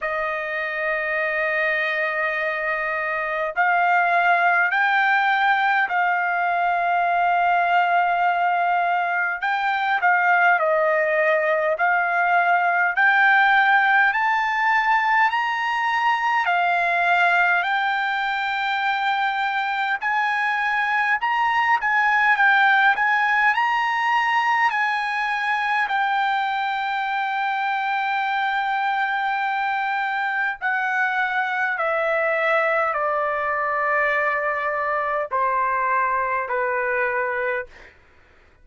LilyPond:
\new Staff \with { instrumentName = "trumpet" } { \time 4/4 \tempo 4 = 51 dis''2. f''4 | g''4 f''2. | g''8 f''8 dis''4 f''4 g''4 | a''4 ais''4 f''4 g''4~ |
g''4 gis''4 ais''8 gis''8 g''8 gis''8 | ais''4 gis''4 g''2~ | g''2 fis''4 e''4 | d''2 c''4 b'4 | }